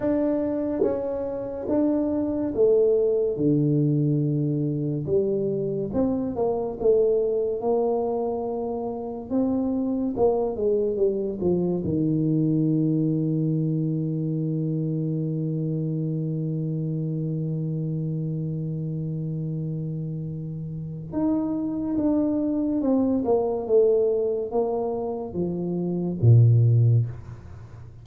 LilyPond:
\new Staff \with { instrumentName = "tuba" } { \time 4/4 \tempo 4 = 71 d'4 cis'4 d'4 a4 | d2 g4 c'8 ais8 | a4 ais2 c'4 | ais8 gis8 g8 f8 dis2~ |
dis1~ | dis1~ | dis4 dis'4 d'4 c'8 ais8 | a4 ais4 f4 ais,4 | }